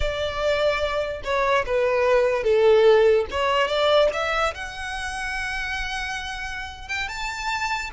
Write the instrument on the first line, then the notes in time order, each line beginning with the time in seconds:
violin
0.00 D5
1.23 C#5
1.66 B4
2.43 A4
3.30 C#5
3.67 D5
4.13 E5
4.54 F#5
6.88 G5
7.08 A5